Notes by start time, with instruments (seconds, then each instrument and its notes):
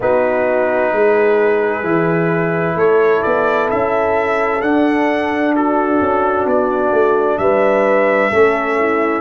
0.00 tuba B3, trombone D#4, horn F#4, trumpet B4
0.92 tuba G#3, horn G#4
1.83 tuba E3, trombone E4
2.75 tuba A3, horn A4, trumpet C#5
3.22 tuba B3, trumpet D5
3.70 tuba C#4, trumpet E5
4.61 tuba D4, trombone D4, trumpet F#5
5.55 horn F#4, trumpet A4
6.01 tuba C#4
6.46 tuba B3, trumpet D5
6.92 tuba A3
7.37 tuba G3, horn B4, trumpet E5
8.30 tuba A3, trombone C#4, horn A4
8.78 horn E4